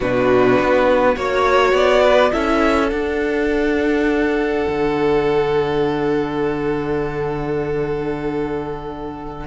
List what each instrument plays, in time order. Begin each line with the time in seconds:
0.00 cello B2, viola D4, violin F#4 B4
0.59 cello B3
1.15 cello A#3, viola F#4, violin C#5
1.73 cello B3, violin D5
2.03 violin B4
2.32 cello C#4, viola E4, violin A4 E5
2.89 viola D4, cello D4, violin F#5
4.67 cello D3